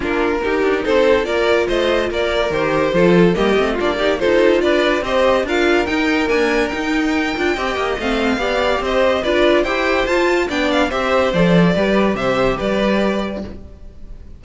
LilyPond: <<
  \new Staff \with { instrumentName = "violin" } { \time 4/4 \tempo 4 = 143 ais'2 c''4 d''4 | dis''4 d''4 c''2 | dis''4 d''4 c''4 d''4 | dis''4 f''4 g''4 gis''4 |
g''2. f''4~ | f''4 dis''4 d''4 g''4 | a''4 g''8 f''8 e''4 d''4~ | d''4 e''4 d''2 | }
  \new Staff \with { instrumentName = "violin" } { \time 4/4 f'4 g'4 a'4 ais'4 | c''4 ais'2 a'4 | g'4 f'8 g'8 a'4 b'4 | c''4 ais'2.~ |
ais'2 dis''2 | d''4 c''4 b'4 c''4~ | c''4 d''4 c''2 | b'4 c''4 b'2 | }
  \new Staff \with { instrumentName = "viola" } { \time 4/4 d'4 dis'2 f'4~ | f'2 g'4 f'4 | ais8 c'8 d'8 dis'8 f'2 | g'4 f'4 dis'4 ais4 |
dis'4. f'8 g'4 c'4 | g'2 f'4 g'4 | f'4 d'4 g'4 a'4 | g'1 | }
  \new Staff \with { instrumentName = "cello" } { \time 4/4 ais4 dis'8 d'8 c'4 ais4 | a4 ais4 dis4 f4 | g8 a8 ais4 dis'4 d'4 | c'4 d'4 dis'4 d'4 |
dis'4. d'8 c'8 ais8 a4 | b4 c'4 d'4 e'4 | f'4 b4 c'4 f4 | g4 c4 g2 | }
>>